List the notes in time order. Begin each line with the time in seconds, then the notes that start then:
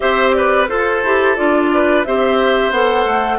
0.00 C4 G4 C5 E5
0.32 B4 D5
0.67 F4 A4 C5
1.03 E4 G4
1.36 D4 F4 D5
1.73 B4
2.04 C4 G4 C5 E5
2.70 B3 A4 F#5
3.05 A3